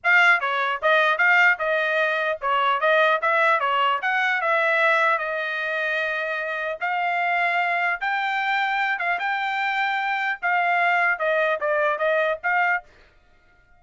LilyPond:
\new Staff \with { instrumentName = "trumpet" } { \time 4/4 \tempo 4 = 150 f''4 cis''4 dis''4 f''4 | dis''2 cis''4 dis''4 | e''4 cis''4 fis''4 e''4~ | e''4 dis''2.~ |
dis''4 f''2. | g''2~ g''8 f''8 g''4~ | g''2 f''2 | dis''4 d''4 dis''4 f''4 | }